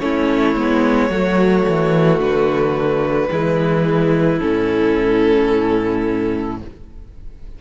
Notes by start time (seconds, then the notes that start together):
0.00 A3 C#4 E4 C#5
0.56 G#3 B3
1.10 F#3 A3 F#4
1.69 E3
2.20 D3 B4
3.31 E3 G#3 E4
4.39 A2 C#4 A4